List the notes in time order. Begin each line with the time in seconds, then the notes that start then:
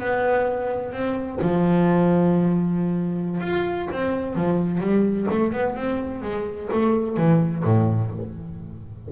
0.00 B3
0.93 C4
1.42 F3
3.41 F4
3.92 C4
4.36 F3
4.80 G3
5.31 A3
5.53 B3
5.76 C4
6.22 G#3
6.73 A3
7.17 E3
7.64 A2